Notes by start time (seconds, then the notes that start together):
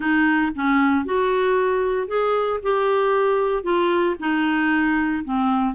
0.00 D#4
0.55 C#4
1.05 F#4
2.07 G#4
2.62 G4
3.63 F4
4.19 D#4
5.24 C4